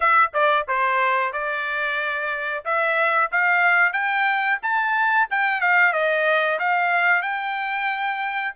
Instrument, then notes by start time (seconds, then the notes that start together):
trumpet
0.00 E5
0.33 D5
0.67 C5
1.32 D5
2.64 E5
3.31 F5
3.92 G5
4.62 A5
5.30 G5
5.60 F5
5.93 D#5
6.59 F5
7.22 G5